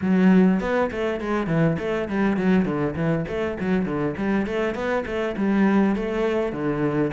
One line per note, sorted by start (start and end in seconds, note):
0.01 0.60 F#3
0.60 0.90 B3
0.91 1.20 A3
1.20 1.47 G#3
1.47 1.76 E3
1.78 2.08 A3
2.08 2.36 G3
2.36 2.65 F#3
2.65 2.94 D3
2.95 3.25 E3
3.28 3.57 A3
3.59 3.85 F#3
3.85 4.15 D3
4.17 4.46 G3
4.46 4.74 A3
4.74 5.04 B3
5.05 5.35 A3
5.36 5.95 G3
5.95 6.52 A3
6.52 7.12 D3